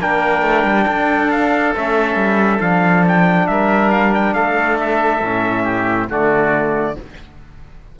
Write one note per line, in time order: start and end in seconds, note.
0.00 0.42 A#3
0.00 1.75 D4
0.00 0.84 A#4
0.00 1.30 G5
0.42 0.64 A3
0.64 0.86 G3
0.84 1.74 D4
0.84 3.45 A4
1.30 1.74 F5
1.76 2.15 A3
1.76 2.61 C#4
1.76 2.61 E5
2.15 2.59 G3
2.61 3.48 F3
2.61 5.21 D4
2.61 3.04 F5
3.08 3.47 G5
3.47 4.34 G3
3.47 4.34 A#4
3.47 3.90 E5
3.91 4.12 F5
4.14 4.34 G5
4.34 5.21 A3
4.34 5.63 A4
4.34 4.77 F5
4.80 6.11 E5
5.21 6.08 A2
5.21 6.09 C#4
5.63 6.07 G4
6.09 6.96 D3
6.09 6.96 A3
6.09 6.96 F#4
6.09 6.99 D5